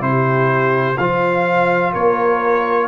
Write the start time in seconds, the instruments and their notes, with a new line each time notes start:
0.00 tuba C3, trombone E4, horn G4, trumpet C5
0.98 tuba F3, trombone F4, horn C5, trumpet F5
1.93 tuba A#3, horn A#4, trumpet C#5